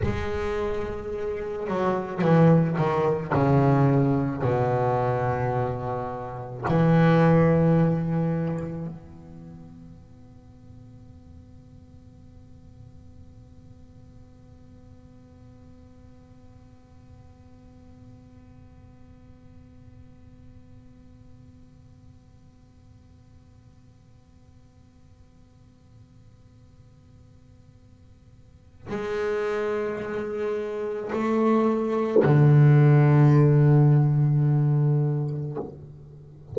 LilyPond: \new Staff \with { instrumentName = "double bass" } { \time 4/4 \tempo 4 = 54 gis4. fis8 e8 dis8 cis4 | b,2 e2 | b1~ | b1~ |
b1~ | b1~ | b2 gis2 | a4 d2. | }